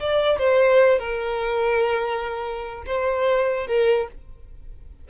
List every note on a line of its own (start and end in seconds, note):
0.00 0.39 D5
0.39 0.99 C5
0.99 2.84 A#4
2.87 3.67 C5
3.67 4.08 A#4